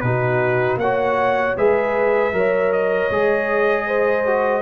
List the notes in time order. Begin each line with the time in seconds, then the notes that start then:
0.00 B2 D#4 F#4 B4
0.76 A#3 C#5 F#5
0.82 F#4
1.57 G#3 G#4 B4 E5
2.32 F#3 A#4 C#5
2.72 D#5
3.10 G#3 G#4
3.86 C5
4.26 F#4